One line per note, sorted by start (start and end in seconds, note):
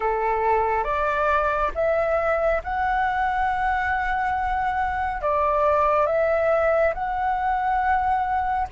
0.00 0.84 A4
0.84 1.71 D5
1.74 2.61 E5
2.63 5.21 F#5
5.21 6.06 D5
6.06 6.93 E5
6.94 8.68 F#5